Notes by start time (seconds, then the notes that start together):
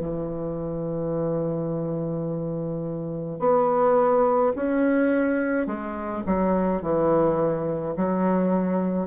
0.00 E3
3.40 B3
4.55 C#4
5.67 G#3
6.26 F#3
6.82 E3
7.97 F#3